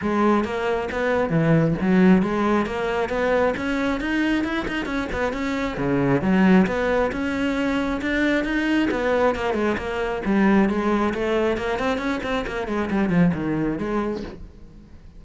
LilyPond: \new Staff \with { instrumentName = "cello" } { \time 4/4 \tempo 4 = 135 gis4 ais4 b4 e4 | fis4 gis4 ais4 b4 | cis'4 dis'4 e'8 dis'8 cis'8 b8 | cis'4 cis4 fis4 b4 |
cis'2 d'4 dis'4 | b4 ais8 gis8 ais4 g4 | gis4 a4 ais8 c'8 cis'8 c'8 | ais8 gis8 g8 f8 dis4 gis4 | }